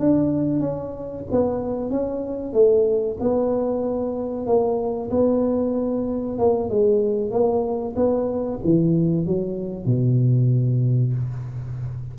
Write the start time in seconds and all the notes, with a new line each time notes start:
0.00 D4
0.60 C#4
1.31 B3
1.91 C#4
2.54 A3
3.20 B3
4.47 A#3
5.11 B3
6.39 A#3
6.70 G#3
7.31 A#3
7.96 B3
8.64 E3
9.26 F#3
9.86 B2